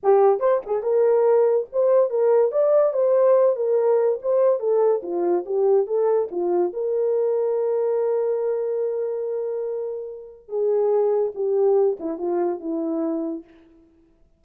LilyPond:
\new Staff \with { instrumentName = "horn" } { \time 4/4 \tempo 4 = 143 g'4 c''8 gis'8 ais'2 | c''4 ais'4 d''4 c''4~ | c''8 ais'4. c''4 a'4 | f'4 g'4 a'4 f'4 |
ais'1~ | ais'1~ | ais'4 gis'2 g'4~ | g'8 e'8 f'4 e'2 | }